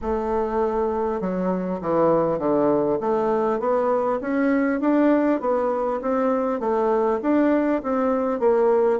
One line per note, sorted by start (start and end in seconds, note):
0.01 1.20 A3
1.20 1.80 F#3
1.81 2.38 E3
2.38 2.98 D3
3.00 3.59 A3
3.59 4.19 B3
4.21 4.80 C#4
4.80 5.40 D4
5.40 6.00 B3
6.01 6.60 C4
6.60 7.20 A3
7.22 7.82 D4
7.82 8.39 C4
8.39 8.99 A#3